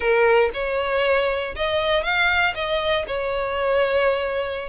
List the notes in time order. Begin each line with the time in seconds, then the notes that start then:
0.00 A#4
0.53 C#5
1.55 D#5
2.03 F5
2.54 D#5
3.07 C#5